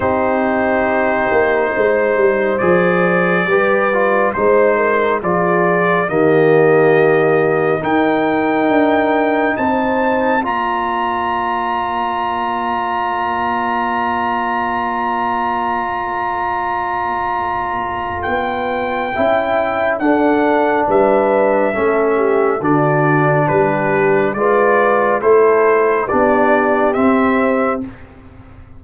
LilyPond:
<<
  \new Staff \with { instrumentName = "trumpet" } { \time 4/4 \tempo 4 = 69 c''2. d''4~ | d''4 c''4 d''4 dis''4~ | dis''4 g''2 a''4 | ais''1~ |
ais''1~ | ais''4 g''2 fis''4 | e''2 d''4 b'4 | d''4 c''4 d''4 e''4 | }
  \new Staff \with { instrumentName = "horn" } { \time 4/4 g'2 c''2 | b'4 c''8 ais'8 gis'4 g'4~ | g'4 ais'2 c''4 | d''1~ |
d''1~ | d''2 e''4 a'4 | b'4 a'8 g'8 fis'4 g'4 | b'4 a'4 g'2 | }
  \new Staff \with { instrumentName = "trombone" } { \time 4/4 dis'2. gis'4 | g'8 f'8 dis'4 f'4 ais4~ | ais4 dis'2. | f'1~ |
f'1~ | f'2 e'4 d'4~ | d'4 cis'4 d'2 | f'4 e'4 d'4 c'4 | }
  \new Staff \with { instrumentName = "tuba" } { \time 4/4 c'4. ais8 gis8 g8 f4 | g4 gis4 f4 dis4~ | dis4 dis'4 d'4 c'4 | ais1~ |
ais1~ | ais4 b4 cis'4 d'4 | g4 a4 d4 g4 | gis4 a4 b4 c'4 | }
>>